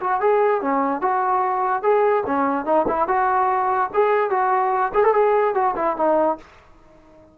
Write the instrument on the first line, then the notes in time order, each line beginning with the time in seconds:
trombone
0.00 F#4
0.21 G#4
0.61 C#4
1.01 F#4
1.83 G#4
2.26 C#4
2.65 D#4
2.88 E4
3.08 F#4
3.94 G#4
4.30 F#4
4.94 G#4
5.04 A4
5.14 G#4
5.54 F#4
5.76 E4
5.97 D#4